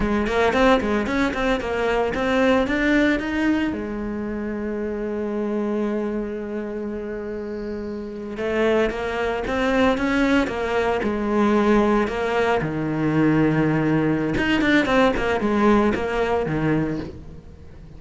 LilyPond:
\new Staff \with { instrumentName = "cello" } { \time 4/4 \tempo 4 = 113 gis8 ais8 c'8 gis8 cis'8 c'8 ais4 | c'4 d'4 dis'4 gis4~ | gis1~ | gis2.~ gis8. a16~ |
a8. ais4 c'4 cis'4 ais16~ | ais8. gis2 ais4 dis16~ | dis2. dis'8 d'8 | c'8 ais8 gis4 ais4 dis4 | }